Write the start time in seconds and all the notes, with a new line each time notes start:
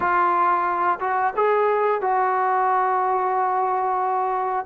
0.00 F4
1.00 F#4
1.35 G#4
2.01 F#4